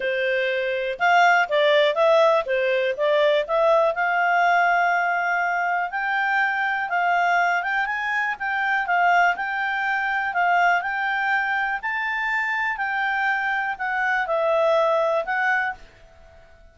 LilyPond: \new Staff \with { instrumentName = "clarinet" } { \time 4/4 \tempo 4 = 122 c''2 f''4 d''4 | e''4 c''4 d''4 e''4 | f''1 | g''2 f''4. g''8 |
gis''4 g''4 f''4 g''4~ | g''4 f''4 g''2 | a''2 g''2 | fis''4 e''2 fis''4 | }